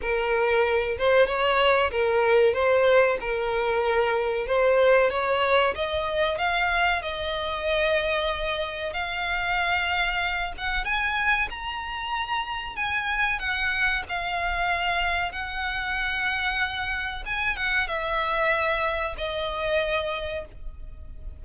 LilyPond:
\new Staff \with { instrumentName = "violin" } { \time 4/4 \tempo 4 = 94 ais'4. c''8 cis''4 ais'4 | c''4 ais'2 c''4 | cis''4 dis''4 f''4 dis''4~ | dis''2 f''2~ |
f''8 fis''8 gis''4 ais''2 | gis''4 fis''4 f''2 | fis''2. gis''8 fis''8 | e''2 dis''2 | }